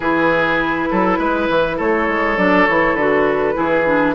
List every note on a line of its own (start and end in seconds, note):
0.00 0.89 E3
0.00 2.38 E4
0.00 0.89 G#4
0.00 1.77 B4
0.90 1.18 F#3
0.90 1.18 A4
1.18 1.48 G#3
1.18 1.76 B4
1.49 1.79 E3
1.76 2.07 A3
1.76 3.54 A4
1.76 2.38 C#5
2.07 2.37 G#3
2.37 2.66 F#3
2.37 2.67 D4
2.37 2.66 D5
2.66 2.94 E3
2.66 2.99 E4
2.66 2.95 C#5
2.94 3.54 D3
2.94 3.53 F#4
2.94 4.14 B4
3.53 4.14 E3
3.53 3.83 E4
3.53 4.14 G#4
3.86 4.14 D4